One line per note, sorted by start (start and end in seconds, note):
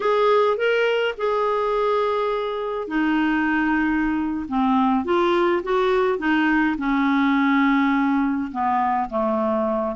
0.00 0.57 G#4
0.57 1.14 A#4
1.17 2.87 G#4
2.87 4.46 D#4
4.48 5.04 C4
5.04 5.62 F4
5.62 6.18 F#4
6.18 6.76 D#4
6.78 8.51 C#4
8.51 9.09 B3
9.09 9.95 A3